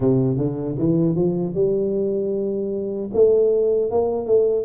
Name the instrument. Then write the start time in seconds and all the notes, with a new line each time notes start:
tuba
0.00 C3
0.37 D3
0.78 E3
1.15 F3
1.54 G3
3.14 A3
3.90 A#3
4.26 A3